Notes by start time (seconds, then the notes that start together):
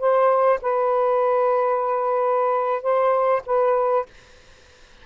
0.00 C5
0.62 B4
2.83 C5
3.46 B4